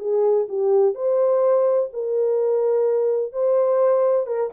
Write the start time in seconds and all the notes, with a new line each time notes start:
0.00 G#4
0.49 G4
0.95 C5
1.94 A#4
3.33 C5
4.27 A#4